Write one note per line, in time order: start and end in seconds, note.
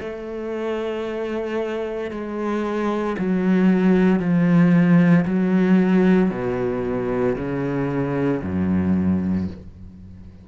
0.00 2.11 A3
2.11 3.16 G#3
3.18 4.20 F#3
4.20 5.25 F3
5.25 6.31 F#3
6.31 7.36 B2
7.36 8.42 C#3
8.43 9.48 F#2